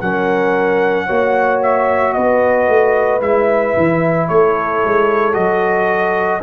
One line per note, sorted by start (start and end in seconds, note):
0.00 1.08 F#3
0.00 1.08 C#4
0.00 1.06 A#4
0.00 1.61 F#5
1.06 2.16 A#3
1.06 3.21 F#4
1.06 2.13 C#5
1.62 2.13 E5
2.13 2.68 B3
2.13 4.29 B4
2.13 3.20 D#5
2.68 3.21 A3
3.21 3.74 G#3
3.21 5.33 E4
3.21 4.28 E5
3.77 4.29 E3
4.28 4.83 A3
4.28 6.43 A4
4.28 5.34 C#5
4.84 5.36 G#3
5.33 6.43 F#3
5.33 6.40 F#4
5.33 6.41 D#5